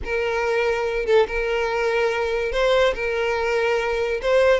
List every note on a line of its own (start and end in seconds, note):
0.04 1.05 A#4
1.05 1.26 A4
1.27 2.52 A#4
2.52 2.94 C5
2.95 4.21 A#4
4.22 4.60 C5